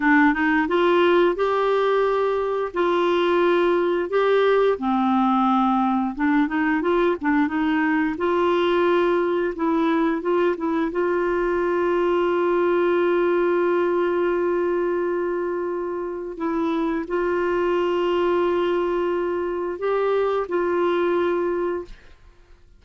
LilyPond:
\new Staff \with { instrumentName = "clarinet" } { \time 4/4 \tempo 4 = 88 d'8 dis'8 f'4 g'2 | f'2 g'4 c'4~ | c'4 d'8 dis'8 f'8 d'8 dis'4 | f'2 e'4 f'8 e'8 |
f'1~ | f'1 | e'4 f'2.~ | f'4 g'4 f'2 | }